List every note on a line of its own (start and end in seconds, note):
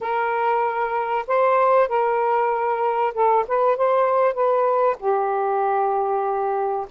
0.00 1.25 A#4
1.27 1.88 C5
1.88 3.13 A#4
3.13 3.45 A4
3.47 3.76 B4
3.76 4.34 C5
4.34 4.96 B4
4.99 6.86 G4